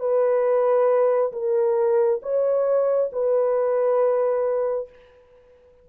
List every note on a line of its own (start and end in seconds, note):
0.00 1.32 B4
1.33 2.21 A#4
2.23 3.11 C#5
3.13 4.89 B4